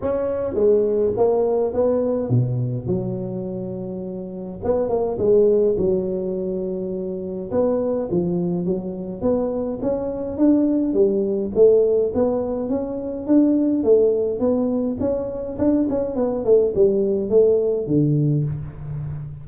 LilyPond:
\new Staff \with { instrumentName = "tuba" } { \time 4/4 \tempo 4 = 104 cis'4 gis4 ais4 b4 | b,4 fis2. | b8 ais8 gis4 fis2~ | fis4 b4 f4 fis4 |
b4 cis'4 d'4 g4 | a4 b4 cis'4 d'4 | a4 b4 cis'4 d'8 cis'8 | b8 a8 g4 a4 d4 | }